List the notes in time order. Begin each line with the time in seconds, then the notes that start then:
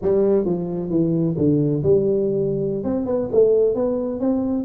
0.02 G3
0.45 F3
0.90 E3
1.37 D3
1.83 G3
2.83 C4
3.06 B3
3.32 A3
3.74 B3
4.20 C4